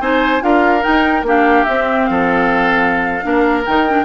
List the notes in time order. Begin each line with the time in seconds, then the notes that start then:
0.00 C4 D#4 C5 G#5
0.41 D4 F4 A#4 F5
0.82 D#4 G5
0.88 D#4
1.23 A#3 D4 G4 F5
1.65 C4 E5
2.06 F3 A4 F5
3.23 A#3 D4 A#4
3.65 D#3 D#4 G5
3.88 D4